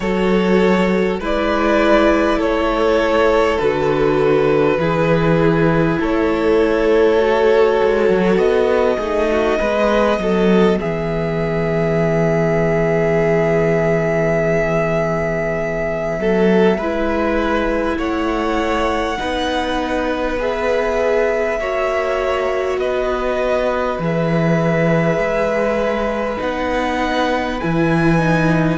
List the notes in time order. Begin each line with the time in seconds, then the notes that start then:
0.00 F#3 F#4 A4 C#5
1.19 G#3 E4 B4 D5
2.37 A3 A4 C#5
3.58 D3 F#4 B4
4.77 E3 E4 G#4
6.00 A3 A4 C#5
7.18 F#4
7.83 G#3
8.08 F#3
8.37 B3 D#5
8.97 A3 D#4 G#4
9.31 F#4
9.59 G#3 B3 B4
10.18 F#3 A4
10.79 E3 G#4 E5
16.18 F#3 A4
16.77 G#3 E4 B4
17.97 A3 C#5 F#5
19.17 B3 D#4 B4
20.38 G#4 E5
21.58 A#3 F#4 C#5
22.77 B3 B4 D#5
23.98 E3 G#4 E5
25.17 G#3
26.37 B3 D#4 F#5
27.60 E3 E4 G#5
28.18 D#4